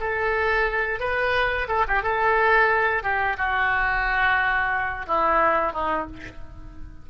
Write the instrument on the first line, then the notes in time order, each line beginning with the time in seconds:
oboe
0.00 A4
1.00 B4
1.68 A4
1.88 G4
2.03 A4
3.03 G4
3.37 F#4
5.07 E4
5.73 D#4